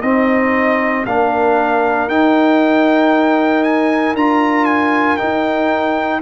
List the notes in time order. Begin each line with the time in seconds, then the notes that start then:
0.00 C4 D#4 D#5
1.05 A#3 D4 A#4 F5
2.07 D#4 G5
3.63 G#5
4.14 D4 F4 A#5
4.65 G#5
5.17 D#4 G5
5.23 D#4